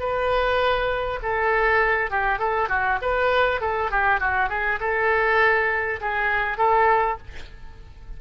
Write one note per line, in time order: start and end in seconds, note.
0.00 1.20 B4
1.23 2.11 A4
2.11 2.39 G4
2.39 2.69 A4
2.69 2.99 F#4
3.02 3.61 B4
3.61 3.91 A4
3.91 4.20 G4
4.20 4.49 F#4
4.49 4.79 G#4
4.81 6.01 A4
6.01 6.58 G#4
6.58 7.18 A4